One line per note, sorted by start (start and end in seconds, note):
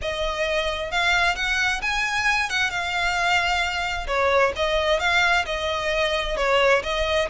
0.01 0.91 D#5
0.91 1.35 F5
1.35 1.81 F#5
1.81 2.49 G#5
2.49 2.70 F#5
2.70 4.06 F5
4.07 4.52 C#5
4.56 4.99 D#5
4.99 5.45 F5
5.45 6.36 D#5
6.36 6.82 C#5
6.83 7.28 D#5